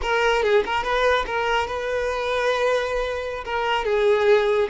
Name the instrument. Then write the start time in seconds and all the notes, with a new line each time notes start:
violin
0.02 A#4
0.42 G#4
0.65 A#4
0.83 B4
1.26 A#4
1.67 B4
3.44 A#4
3.84 G#4